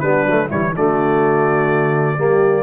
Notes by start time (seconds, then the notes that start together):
0.00 G3 B3 D4 B4
0.26 F#3 A3
0.48 E3 G3 E4 C#5
0.76 D3 A3 F#4 D5
2.18 G3 A#3 G4